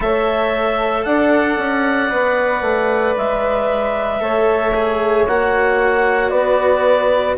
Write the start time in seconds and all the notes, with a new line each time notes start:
0.00 A3 A4 C#5 E5
1.04 D4 D5 F#5
1.57 C#4
2.11 B3 B4
2.61 A3
3.17 G#3 E5
4.20 A3 A4 C#5
4.74 G#4
5.27 A#3 F#4 F#5
6.29 B3 B4 D5